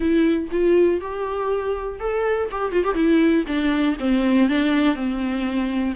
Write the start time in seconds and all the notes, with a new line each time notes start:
0.00 E4
0.51 F4
1.01 G4
1.99 A4
2.51 G4
2.71 F4
2.84 G4
2.94 E4
3.47 D4
3.99 C4
4.49 D4
4.95 C4